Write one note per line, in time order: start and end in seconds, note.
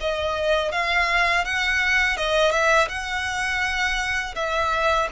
0.00 0.71 D#5
0.71 1.44 F5
1.44 2.17 F#5
2.17 2.51 D#5
2.51 2.87 E5
2.88 4.34 F#5
4.35 5.08 E5